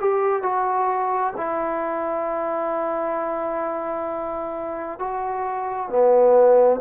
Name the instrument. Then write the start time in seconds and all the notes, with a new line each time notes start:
trombone
0.00 G4
0.42 F#4
1.36 E4
4.99 F#4
5.89 B3